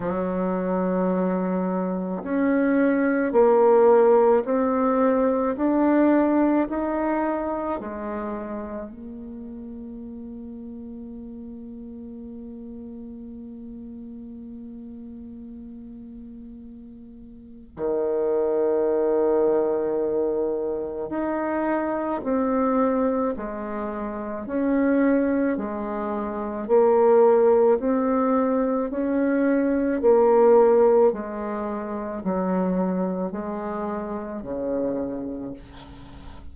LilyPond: \new Staff \with { instrumentName = "bassoon" } { \time 4/4 \tempo 4 = 54 fis2 cis'4 ais4 | c'4 d'4 dis'4 gis4 | ais1~ | ais1 |
dis2. dis'4 | c'4 gis4 cis'4 gis4 | ais4 c'4 cis'4 ais4 | gis4 fis4 gis4 cis4 | }